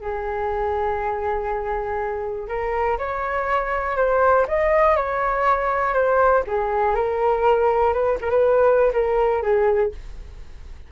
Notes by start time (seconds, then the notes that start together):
0.00 G#4
2.48 A#4
2.98 C#5
3.96 C5
4.47 D#5
4.96 C#5
5.93 C5
6.47 G#4
6.95 A#4
7.93 B4
8.21 A#4
8.30 B4
8.93 A#4
9.42 G#4